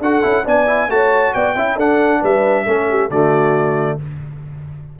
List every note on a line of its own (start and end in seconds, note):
0.00 0.22 D4
0.00 0.22 F#4
0.00 0.45 A4
0.00 0.46 F#5
0.22 0.46 C#4
0.22 0.44 E4
0.45 0.88 B3
0.45 0.67 D4
0.45 0.89 D5
0.45 0.91 G#5
0.67 0.89 E4
0.88 1.33 A3
0.88 1.56 F#4
0.88 1.34 C#5
0.88 1.34 A5
1.34 1.55 B3
1.34 1.56 D5
1.34 1.78 G5
1.55 1.77 C#4
1.55 1.78 E4
1.55 1.76 E5
1.76 2.22 D4
1.76 2.66 D4
1.76 2.20 A4
1.76 2.24 F#5
2.21 2.66 G3
2.21 2.65 B4
2.21 3.10 E5
2.66 3.10 A3
2.66 3.10 C#4
2.66 2.88 A4
2.90 3.10 G4
3.10 3.98 D3
3.10 4.00 A3
3.10 3.98 F#4
3.10 3.99 D5